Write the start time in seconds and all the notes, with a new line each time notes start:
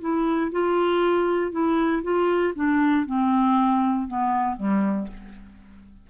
0.00 E4
0.51 F4
1.51 E4
2.02 F4
2.55 D4
3.06 C4
4.07 B3
4.56 G3